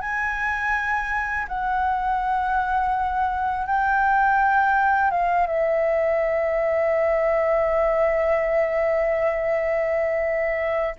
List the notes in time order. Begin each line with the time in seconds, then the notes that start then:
0.00 G#5
1.48 F#5
3.66 G5
5.11 F5
5.46 E5